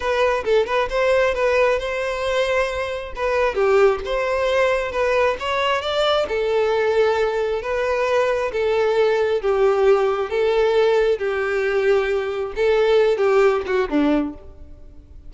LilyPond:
\new Staff \with { instrumentName = "violin" } { \time 4/4 \tempo 4 = 134 b'4 a'8 b'8 c''4 b'4 | c''2. b'4 | g'4 c''2 b'4 | cis''4 d''4 a'2~ |
a'4 b'2 a'4~ | a'4 g'2 a'4~ | a'4 g'2. | a'4. g'4 fis'8 d'4 | }